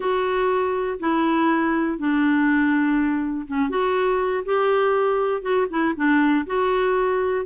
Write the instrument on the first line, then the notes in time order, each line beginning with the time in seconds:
clarinet
0.00 F#4
0.99 E4
1.98 D4
3.47 C#4
3.69 F#4
4.45 G4
5.42 F#4
5.69 E4
5.96 D4
6.46 F#4